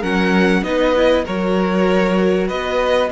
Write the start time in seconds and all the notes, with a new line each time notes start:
0.00 F#3 C#4 A#4 F#5
0.63 B3 D#4 B4 D#5
0.96 E4
1.25 F#3 F#4 A#4 C#5
2.48 B3 B4 D#5